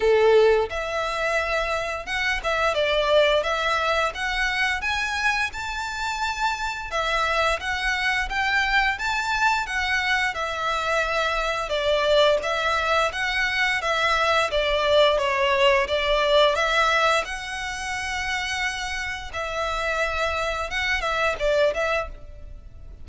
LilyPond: \new Staff \with { instrumentName = "violin" } { \time 4/4 \tempo 4 = 87 a'4 e''2 fis''8 e''8 | d''4 e''4 fis''4 gis''4 | a''2 e''4 fis''4 | g''4 a''4 fis''4 e''4~ |
e''4 d''4 e''4 fis''4 | e''4 d''4 cis''4 d''4 | e''4 fis''2. | e''2 fis''8 e''8 d''8 e''8 | }